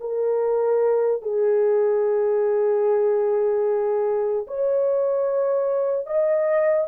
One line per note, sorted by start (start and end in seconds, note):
0.00 1.22 A#4
1.22 4.46 G#4
4.47 6.06 C#5
6.06 6.87 D#5